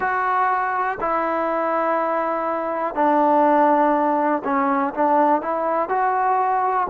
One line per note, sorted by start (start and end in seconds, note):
0.00 0.98 F#4
1.00 2.95 E4
2.95 4.42 D4
4.44 4.93 C#4
4.94 5.41 D4
5.41 5.88 E4
5.88 6.87 F#4